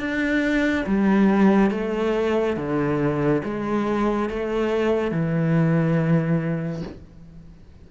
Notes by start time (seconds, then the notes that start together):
0.00 D4
0.86 G3
1.71 A3
2.57 D3
3.44 G#3
4.30 A3
5.12 E3